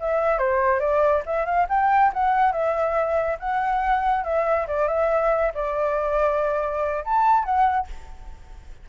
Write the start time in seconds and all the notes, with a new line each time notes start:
0.00 E5
0.38 C5
0.80 D5
1.26 E5
1.45 F5
1.69 G5
2.14 F#5
2.52 E5
3.39 F#5
4.24 E5
4.67 D5
4.88 E5
5.54 D5
7.05 A5
7.44 F#5